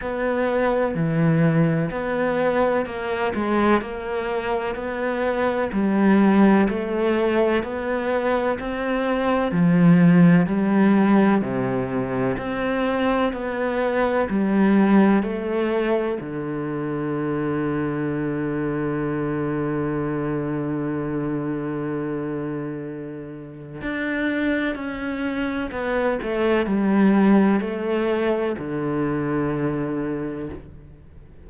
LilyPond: \new Staff \with { instrumentName = "cello" } { \time 4/4 \tempo 4 = 63 b4 e4 b4 ais8 gis8 | ais4 b4 g4 a4 | b4 c'4 f4 g4 | c4 c'4 b4 g4 |
a4 d2.~ | d1~ | d4 d'4 cis'4 b8 a8 | g4 a4 d2 | }